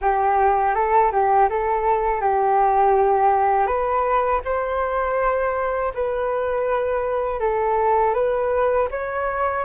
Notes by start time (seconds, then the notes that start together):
0.01 G4
0.74 A4
1.11 G4
1.49 A4
2.20 G4
3.67 B4
4.44 C5
5.94 B4
7.39 A4
8.14 B4
8.91 C#5